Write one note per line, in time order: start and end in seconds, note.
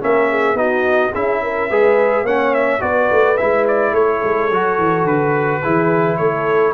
0.00 0.54 A#3
0.00 0.56 C#4
0.00 0.30 A#4
0.00 0.57 E5
0.30 0.58 G#4
0.54 1.10 B3
0.54 1.12 D#4
0.54 1.12 F#4
0.54 1.13 D#5
1.12 1.71 C#4
1.12 1.70 E4
1.12 1.40 G#4
1.12 2.27 E5
1.43 1.70 A#4
1.70 2.23 G#3
1.70 2.27 G#4
1.70 2.25 B4
2.23 2.79 A#3
2.23 2.80 C#4
2.23 2.81 C#5
2.23 2.54 F#5
2.54 2.82 E5
2.80 3.10 B3
2.80 3.36 F#4
2.80 3.93 B4
2.80 3.37 D5
3.12 3.40 A3
3.37 3.93 G#3
3.37 4.52 E4
3.37 3.65 E5
3.68 3.95 D5
3.93 4.21 A3
3.93 5.62 A4
3.93 5.07 C#5
4.24 4.50 G#3
4.50 4.79 F#3
4.50 5.63 F#4
4.79 5.04 E3
5.04 5.61 D3
5.04 6.17 B4
5.62 6.19 E3
5.62 6.74 E4
5.62 6.18 G#4
6.17 6.74 A3
6.17 6.74 A4
6.17 6.73 C#5